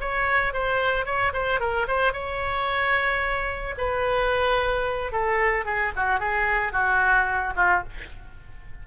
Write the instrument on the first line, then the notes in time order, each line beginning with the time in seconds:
oboe
0.00 C#5
0.53 C5
1.05 C#5
1.33 C5
1.60 A#4
1.87 C5
2.13 C#5
3.77 B4
5.12 A4
5.65 G#4
5.96 F#4
6.19 G#4
6.72 F#4
7.56 F4